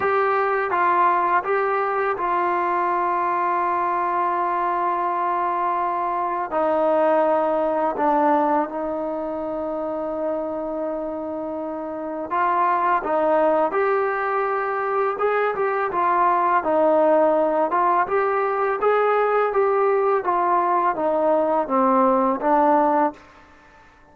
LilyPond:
\new Staff \with { instrumentName = "trombone" } { \time 4/4 \tempo 4 = 83 g'4 f'4 g'4 f'4~ | f'1~ | f'4 dis'2 d'4 | dis'1~ |
dis'4 f'4 dis'4 g'4~ | g'4 gis'8 g'8 f'4 dis'4~ | dis'8 f'8 g'4 gis'4 g'4 | f'4 dis'4 c'4 d'4 | }